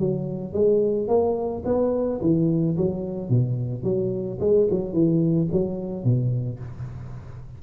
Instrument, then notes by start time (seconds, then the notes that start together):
tuba
0.00 F#3
0.54 G#3
1.08 A#3
1.65 B3
2.22 E3
2.77 F#3
3.30 B2
3.84 F#3
4.41 G#3
4.71 F#3
4.93 E3
5.53 F#3
6.05 B2